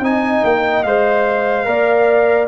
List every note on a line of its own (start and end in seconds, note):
0.00 0.41 C4
0.00 0.85 D#4
0.00 1.68 D#5
0.00 0.45 G#5
0.43 0.85 A#3
0.43 0.83 G5
0.83 1.66 G#3
0.83 1.65 C5
0.83 2.48 F5
1.65 2.48 A#3
1.65 2.47 A#4
1.65 2.48 D5